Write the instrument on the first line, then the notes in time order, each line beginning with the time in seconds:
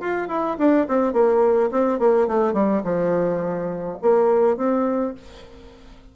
bassoon
0.00 F4
0.28 E4
0.58 D4
0.88 C4
1.13 A#3
1.71 C4
1.99 A#3
2.27 A3
2.53 G3
2.83 F3
4.02 A#3
4.57 C4